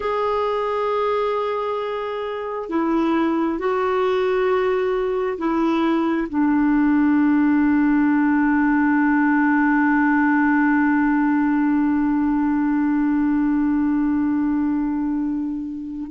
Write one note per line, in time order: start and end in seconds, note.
0.00 2.69 G#4
2.69 3.58 E4
3.58 5.37 F#4
5.37 6.27 E4
6.28 16.11 D4